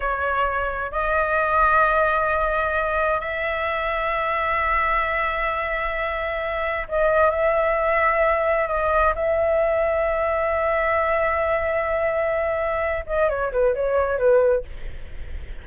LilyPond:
\new Staff \with { instrumentName = "flute" } { \time 4/4 \tempo 4 = 131 cis''2 dis''2~ | dis''2. e''4~ | e''1~ | e''2. dis''4 |
e''2. dis''4 | e''1~ | e''1~ | e''8 dis''8 cis''8 b'8 cis''4 b'4 | }